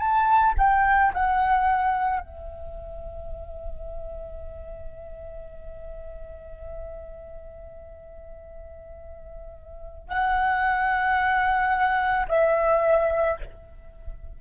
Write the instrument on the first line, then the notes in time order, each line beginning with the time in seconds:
flute
0.00 A5
0.58 G5
1.14 F#5
2.21 E5
10.09 F#5
12.29 E5